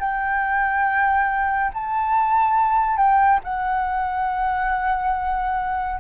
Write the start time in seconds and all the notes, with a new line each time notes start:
0.00 G5
1.74 A5
2.97 G5
3.44 F#5